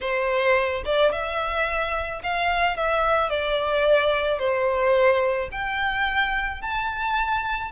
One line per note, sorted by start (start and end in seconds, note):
0.00 0.83 C5
0.85 1.12 D5
1.12 2.22 E5
2.23 2.76 F5
2.76 3.29 E5
3.29 4.39 D5
4.39 5.49 C5
5.51 6.61 G5
6.61 7.71 A5